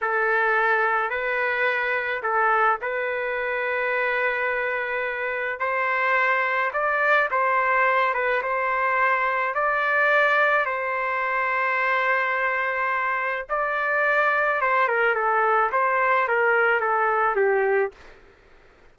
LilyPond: \new Staff \with { instrumentName = "trumpet" } { \time 4/4 \tempo 4 = 107 a'2 b'2 | a'4 b'2.~ | b'2 c''2 | d''4 c''4. b'8 c''4~ |
c''4 d''2 c''4~ | c''1 | d''2 c''8 ais'8 a'4 | c''4 ais'4 a'4 g'4 | }